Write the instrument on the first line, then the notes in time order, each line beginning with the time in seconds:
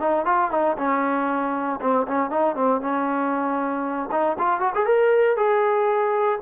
trombone
0.00 D#4
0.26 F4
0.51 D#4
0.78 C#4
1.81 C4
2.07 C#4
2.30 D#4
2.55 C4
2.81 C#4
4.12 D#4
4.39 F4
4.60 F#4
4.75 G#4
4.86 A#4
5.37 G#4